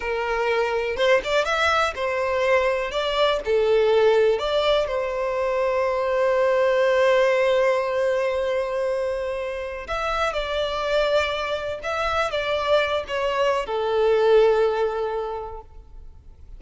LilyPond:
\new Staff \with { instrumentName = "violin" } { \time 4/4 \tempo 4 = 123 ais'2 c''8 d''8 e''4 | c''2 d''4 a'4~ | a'4 d''4 c''2~ | c''1~ |
c''1~ | c''16 e''4 d''2~ d''8.~ | d''16 e''4 d''4. cis''4~ cis''16 | a'1 | }